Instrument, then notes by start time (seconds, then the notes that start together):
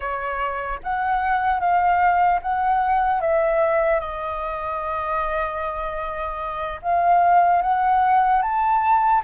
flute
0.00 C#5
0.83 F#5
1.60 F5
2.42 F#5
3.20 E5
4.00 D#5
6.82 F5
7.61 F#5
8.41 A5